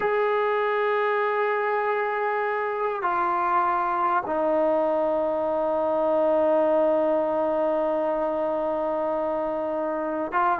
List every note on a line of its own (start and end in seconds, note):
0.00 3.02 G#4
3.02 4.23 F4
4.26 10.31 D#4
10.31 10.59 F4